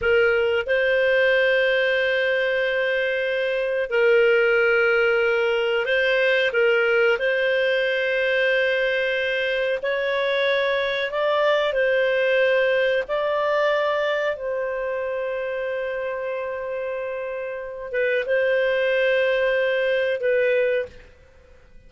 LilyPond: \new Staff \with { instrumentName = "clarinet" } { \time 4/4 \tempo 4 = 92 ais'4 c''2.~ | c''2 ais'2~ | ais'4 c''4 ais'4 c''4~ | c''2. cis''4~ |
cis''4 d''4 c''2 | d''2 c''2~ | c''2.~ c''8 b'8 | c''2. b'4 | }